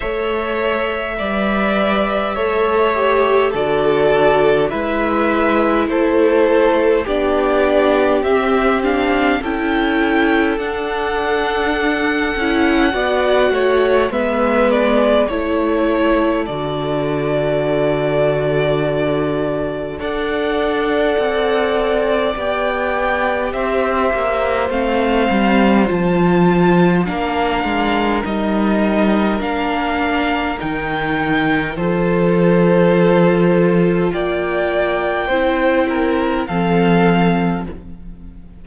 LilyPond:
<<
  \new Staff \with { instrumentName = "violin" } { \time 4/4 \tempo 4 = 51 e''2. d''4 | e''4 c''4 d''4 e''8 f''8 | g''4 fis''2. | e''8 d''8 cis''4 d''2~ |
d''4 fis''2 g''4 | e''4 f''4 a''4 f''4 | dis''4 f''4 g''4 c''4~ | c''4 g''2 f''4 | }
  \new Staff \with { instrumentName = "violin" } { \time 4/4 cis''4 d''4 cis''4 a'4 | b'4 a'4 g'2 | a'2. d''8 cis''8 | b'4 a'2.~ |
a'4 d''2. | c''2. ais'4~ | ais'2. a'4~ | a'4 d''4 c''8 ais'8 a'4 | }
  \new Staff \with { instrumentName = "viola" } { \time 4/4 a'4 b'4 a'8 g'8 fis'4 | e'2 d'4 c'8 d'8 | e'4 d'4. e'8 fis'4 | b4 e'4 fis'2~ |
fis'4 a'2 g'4~ | g'4 c'4 f'4 d'4 | dis'4 d'4 dis'4 f'4~ | f'2 e'4 c'4 | }
  \new Staff \with { instrumentName = "cello" } { \time 4/4 a4 g4 a4 d4 | gis4 a4 b4 c'4 | cis'4 d'4. cis'8 b8 a8 | gis4 a4 d2~ |
d4 d'4 c'4 b4 | c'8 ais8 a8 g8 f4 ais8 gis8 | g4 ais4 dis4 f4~ | f4 ais4 c'4 f4 | }
>>